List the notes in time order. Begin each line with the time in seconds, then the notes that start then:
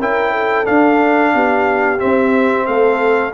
0.00 C#4 E4 A#4 G5
0.32 A4
0.65 D4 F5
1.34 B3 G4
1.98 C4 E5
2.66 A3 A4 F5